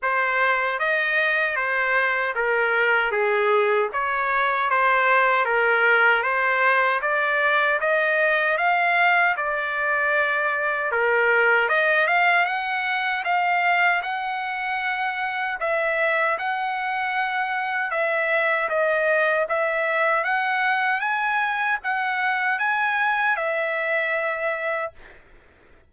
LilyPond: \new Staff \with { instrumentName = "trumpet" } { \time 4/4 \tempo 4 = 77 c''4 dis''4 c''4 ais'4 | gis'4 cis''4 c''4 ais'4 | c''4 d''4 dis''4 f''4 | d''2 ais'4 dis''8 f''8 |
fis''4 f''4 fis''2 | e''4 fis''2 e''4 | dis''4 e''4 fis''4 gis''4 | fis''4 gis''4 e''2 | }